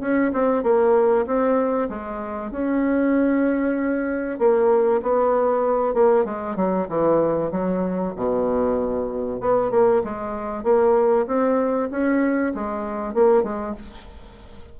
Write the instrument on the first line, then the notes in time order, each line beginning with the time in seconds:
bassoon
0.00 C#4
0.33 C4
0.63 A#3
1.26 C4
1.89 G#3
2.51 C#4
4.38 A#3
5.02 B3
5.94 A#3
6.25 G#3
6.56 F#3
6.89 E3
7.51 F#3
8.16 B2
9.40 B3
9.70 A#3
10.04 G#3
10.64 A#3
11.27 C4
11.91 C#4
12.54 G#3
13.14 A#3
13.43 G#3